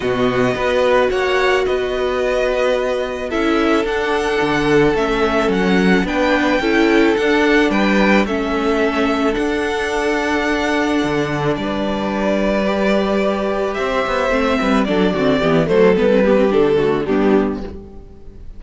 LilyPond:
<<
  \new Staff \with { instrumentName = "violin" } { \time 4/4 \tempo 4 = 109 dis''2 fis''4 dis''4~ | dis''2 e''4 fis''4~ | fis''4 e''4 fis''4 g''4~ | g''4 fis''4 g''4 e''4~ |
e''4 fis''2.~ | fis''4 d''2.~ | d''4 e''2 d''4~ | d''8 c''8 b'4 a'4 g'4 | }
  \new Staff \with { instrumentName = "violin" } { \time 4/4 fis'4 b'4 cis''4 b'4~ | b'2 a'2~ | a'2. b'4 | a'2 b'4 a'4~ |
a'1~ | a'4 b'2.~ | b'4 c''4. b'8 a'8 fis'8 | g'8 a'4 g'4 fis'8 d'4 | }
  \new Staff \with { instrumentName = "viola" } { \time 4/4 b4 fis'2.~ | fis'2 e'4 d'4~ | d'4 cis'2 d'4 | e'4 d'2 cis'4~ |
cis'4 d'2.~ | d'2. g'4~ | g'2 c'4 d'8 c'8 | b8 a8 b16 c'16 b16 c'16 d'8 a8 b4 | }
  \new Staff \with { instrumentName = "cello" } { \time 4/4 b,4 b4 ais4 b4~ | b2 cis'4 d'4 | d4 a4 fis4 b4 | cis'4 d'4 g4 a4~ |
a4 d'2. | d4 g2.~ | g4 c'8 b8 a8 g8 fis8 d8 | e8 fis8 g4 d4 g4 | }
>>